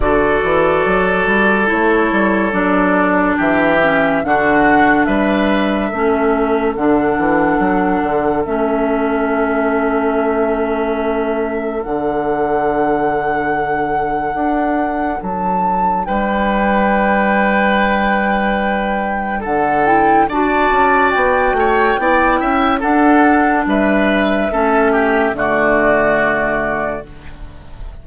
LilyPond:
<<
  \new Staff \with { instrumentName = "flute" } { \time 4/4 \tempo 4 = 71 d''2 cis''4 d''4 | e''4 fis''4 e''2 | fis''2 e''2~ | e''2 fis''2~ |
fis''2 a''4 g''4~ | g''2. fis''8 g''8 | a''4 g''2 fis''4 | e''2 d''2 | }
  \new Staff \with { instrumentName = "oboe" } { \time 4/4 a'1 | g'4 fis'4 b'4 a'4~ | a'1~ | a'1~ |
a'2. b'4~ | b'2. a'4 | d''4. cis''8 d''8 e''8 a'4 | b'4 a'8 g'8 fis'2 | }
  \new Staff \with { instrumentName = "clarinet" } { \time 4/4 fis'2 e'4 d'4~ | d'8 cis'8 d'2 cis'4 | d'2 cis'2~ | cis'2 d'2~ |
d'1~ | d'2.~ d'8 e'8 | fis'2 e'4 d'4~ | d'4 cis'4 a2 | }
  \new Staff \with { instrumentName = "bassoon" } { \time 4/4 d8 e8 fis8 g8 a8 g8 fis4 | e4 d4 g4 a4 | d8 e8 fis8 d8 a2~ | a2 d2~ |
d4 d'4 fis4 g4~ | g2. d4 | d'8 cis'8 b8 a8 b8 cis'8 d'4 | g4 a4 d2 | }
>>